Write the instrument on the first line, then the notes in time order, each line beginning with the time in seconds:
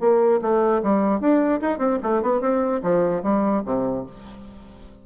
bassoon
0.00 A#3
0.42 A3
0.83 G3
1.20 D4
1.61 D#4
1.79 C4
2.03 A3
2.22 B3
2.41 C4
2.83 F3
3.23 G3
3.66 C3